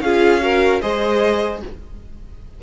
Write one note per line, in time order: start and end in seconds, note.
0.00 0.80 C#4
0.00 0.40 F4
0.00 0.43 G#4
0.00 0.81 F5
0.40 0.80 F#4
0.40 0.81 A#4
0.81 1.62 G#3
0.81 1.62 G#4
0.81 1.61 C5
0.81 1.61 D#5